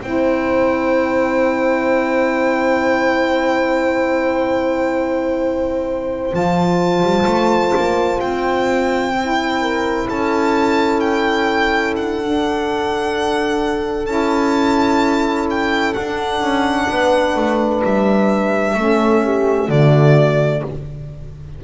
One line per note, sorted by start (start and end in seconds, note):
0.00 6.33 C4
0.00 6.31 E4
0.00 9.60 C5
0.00 6.34 G5
6.31 7.02 F3
6.31 9.12 F4
6.31 8.20 A5
7.02 7.26 G3
7.26 7.73 A3
7.76 8.20 A#3
8.20 10.07 C4
8.20 10.08 G5
9.20 12.22 E4
9.60 10.07 A#4
10.08 11.96 C#4
10.08 16.88 A4
10.08 11.00 A5
11.00 11.94 G5
11.96 14.06 D4
11.96 14.06 F#5
12.22 14.06 D4
14.06 15.94 C#4
14.06 15.94 E4
14.06 15.46 A5
15.50 15.93 G5
15.93 18.77 D4
15.93 16.41 D4
15.93 17.81 F#5
16.41 16.88 C#4
16.88 17.35 B3
16.88 18.77 B4
17.35 17.82 A3
17.84 18.75 G3
17.84 19.70 E5
18.75 19.68 A3
18.75 19.69 C#4
18.75 19.24 A4
19.24 19.68 G4
19.68 20.62 D3
19.68 20.63 A3
19.68 20.61 F#4
19.68 20.64 D5